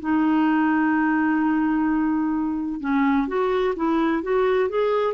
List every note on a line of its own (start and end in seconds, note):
0.00 2.81 D#4
2.81 3.28 C#4
3.28 3.75 F#4
3.76 4.23 E4
4.23 4.69 F#4
4.69 5.14 G#4